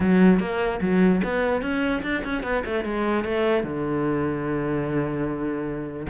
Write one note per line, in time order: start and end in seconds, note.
0.00 0.39 F#3
0.39 0.80 A#3
0.81 1.21 F#3
1.23 1.61 B3
1.61 2.02 C#4
2.03 2.23 D4
2.24 2.43 C#4
2.43 2.63 B3
2.65 2.84 A3
2.84 3.24 G#3
3.24 3.63 A3
3.63 6.06 D3